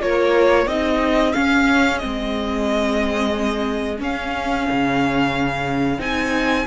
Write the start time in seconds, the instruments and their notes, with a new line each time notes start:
0.00 cello A#3, viola F4, violin A#4 C#5
0.66 cello C4, viola D#4, violin G#4 D#5
1.33 viola C#4, cello C#4, violin F5
1.98 cello G#3, viola C4, violin D#5
3.98 viola C#4, cello C#4, violin F5
4.70 cello C#3
5.99 cello C4, viola D#4, violin G#5